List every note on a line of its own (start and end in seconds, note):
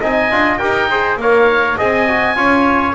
0.00 0.31 C4
0.00 0.31 D#4
0.00 0.59 D#5
0.00 0.58 G#5
0.31 0.60 D4
0.31 0.60 F4
0.58 1.16 D#4
0.58 0.89 G4
0.58 0.88 A#4
0.58 1.16 G5
0.90 1.20 G#4
0.90 1.19 C5
1.16 1.75 A#3
1.16 1.77 A#4
1.16 1.77 C#5
1.16 1.79 F5
1.77 2.36 C4
1.77 2.06 G#4
1.77 2.36 D#5
1.77 2.95 G#5
2.07 2.36 F#4
2.36 2.94 C#4
2.36 2.95 F4
2.36 2.95 C#5